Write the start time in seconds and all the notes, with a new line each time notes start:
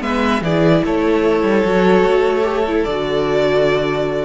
0.00 G#3 B3 B4 E5
0.41 E3 E4 G#4 D5
0.84 A3 A4 C#5
1.43 G3
1.64 F#3 F#4
2.03 A3
2.43 G4
2.67 E4
2.84 D3 D5
2.90 F#4